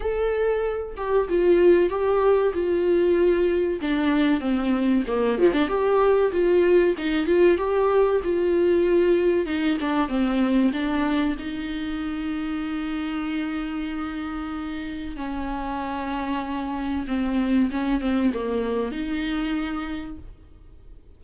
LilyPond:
\new Staff \with { instrumentName = "viola" } { \time 4/4 \tempo 4 = 95 a'4. g'8 f'4 g'4 | f'2 d'4 c'4 | ais8 f16 d'16 g'4 f'4 dis'8 f'8 | g'4 f'2 dis'8 d'8 |
c'4 d'4 dis'2~ | dis'1 | cis'2. c'4 | cis'8 c'8 ais4 dis'2 | }